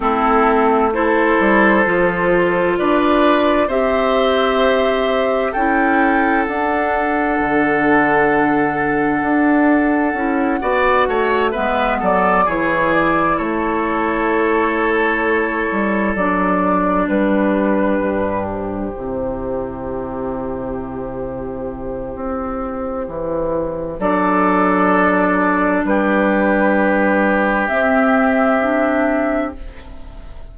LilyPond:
<<
  \new Staff \with { instrumentName = "flute" } { \time 4/4 \tempo 4 = 65 a'4 c''2 d''4 | e''2 g''4 fis''4~ | fis''1~ | fis''8 e''8 d''8 cis''8 d''8 cis''4.~ |
cis''4. d''4 b'4. | c''1~ | c''2 d''2 | b'2 e''2 | }
  \new Staff \with { instrumentName = "oboe" } { \time 4/4 e'4 a'2 b'4 | c''2 a'2~ | a'2.~ a'8 d''8 | cis''8 b'8 a'8 gis'4 a'4.~ |
a'2~ a'8 g'4.~ | g'1~ | g'2 a'2 | g'1 | }
  \new Staff \with { instrumentName = "clarinet" } { \time 4/4 c'4 e'4 f'2 | g'2 e'4 d'4~ | d'2. e'8 fis'8~ | fis'8 b4 e'2~ e'8~ |
e'4. d'2~ d'8~ | d'8 e'2.~ e'8~ | e'2 d'2~ | d'2 c'4 d'4 | }
  \new Staff \with { instrumentName = "bassoon" } { \time 4/4 a4. g8 f4 d'4 | c'2 cis'4 d'4 | d2 d'4 cis'8 b8 | a8 gis8 fis8 e4 a4.~ |
a4 g8 fis4 g4 g,8~ | g,8 c2.~ c8 | c'4 e4 fis2 | g2 c'2 | }
>>